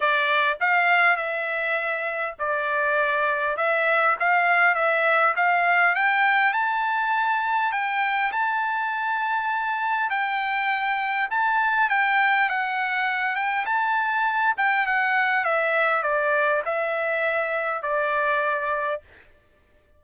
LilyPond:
\new Staff \with { instrumentName = "trumpet" } { \time 4/4 \tempo 4 = 101 d''4 f''4 e''2 | d''2 e''4 f''4 | e''4 f''4 g''4 a''4~ | a''4 g''4 a''2~ |
a''4 g''2 a''4 | g''4 fis''4. g''8 a''4~ | a''8 g''8 fis''4 e''4 d''4 | e''2 d''2 | }